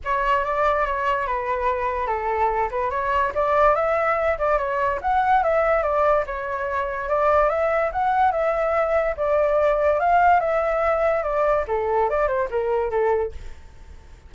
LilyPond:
\new Staff \with { instrumentName = "flute" } { \time 4/4 \tempo 4 = 144 cis''4 d''4 cis''4 b'4~ | b'4 a'4. b'8 cis''4 | d''4 e''4. d''8 cis''4 | fis''4 e''4 d''4 cis''4~ |
cis''4 d''4 e''4 fis''4 | e''2 d''2 | f''4 e''2 d''4 | a'4 d''8 c''8 ais'4 a'4 | }